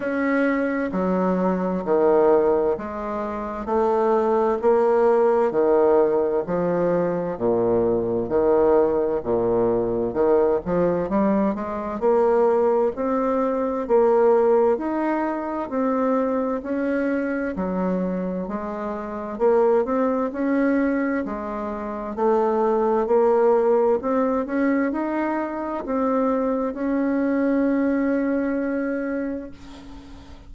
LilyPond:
\new Staff \with { instrumentName = "bassoon" } { \time 4/4 \tempo 4 = 65 cis'4 fis4 dis4 gis4 | a4 ais4 dis4 f4 | ais,4 dis4 ais,4 dis8 f8 | g8 gis8 ais4 c'4 ais4 |
dis'4 c'4 cis'4 fis4 | gis4 ais8 c'8 cis'4 gis4 | a4 ais4 c'8 cis'8 dis'4 | c'4 cis'2. | }